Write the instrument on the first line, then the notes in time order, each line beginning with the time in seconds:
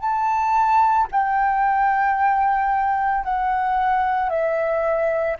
flute
0.00 A5
1.12 G5
3.24 F#5
4.29 E5